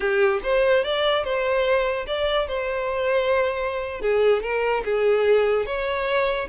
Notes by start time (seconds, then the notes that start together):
0.00 G4
0.43 C5
0.83 D5
1.23 C5
2.06 D5
2.47 C5
4.01 G#4
4.42 A#4
4.85 G#4
5.65 C#5